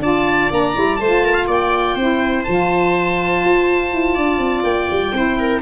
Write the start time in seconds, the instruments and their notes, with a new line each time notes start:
0.00 tuba D4, saxophone F4, viola D5, oboe A5
0.51 tuba A#3, saxophone D4, oboe A#5
0.75 tuba G3, saxophone E4
0.96 tuba A3, viola C5, oboe A5
1.04 saxophone F4
1.25 viola A#4
1.34 viola F5
1.47 tuba A#3, viola D5, oboe G5
1.96 tuba C4, saxophone E4, viola C5
2.44 tuba F3, saxophone F4, oboe A5
3.45 tuba F4
3.93 tuba E4
4.15 tuba D4, viola D5
4.39 tuba C4
4.64 tuba A#3, oboe G5
4.91 tuba G3
5.13 tuba C4, saxophone E4, viola C5
5.40 viola A#4